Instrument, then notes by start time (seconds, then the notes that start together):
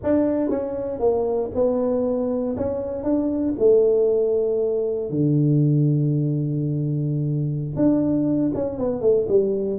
tuba
0.03 D4
0.49 C#4
0.99 A#3
1.54 B3
2.56 C#4
3.03 D4
3.58 A3
5.09 D3
7.75 D4
8.54 C#4
8.78 B3
9.01 A3
9.28 G3